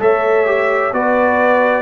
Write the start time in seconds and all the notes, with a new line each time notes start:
0.00 A3 A4 C#5 E5
0.46 G4
0.93 B3 F#4 B4 D5